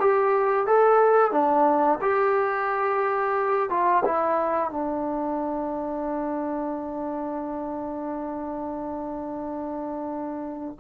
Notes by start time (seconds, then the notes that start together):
0.00 G4
0.66 A4
1.31 D4
2.02 G4
3.70 F4
4.05 E4
4.70 D4